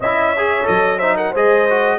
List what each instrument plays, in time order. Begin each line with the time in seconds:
0.00 tuba C#4, trombone E4, horn D#5, trumpet E5
0.32 trombone G#4, horn C#5
0.64 tuba F#3, trombone A4, trumpet D#5
0.97 trombone D#4, horn C5, trumpet E5
1.16 horn A#4, trumpet F#5
1.31 tuba G#3, trombone G#4, horn C5, trumpet D#5
1.69 trombone F#4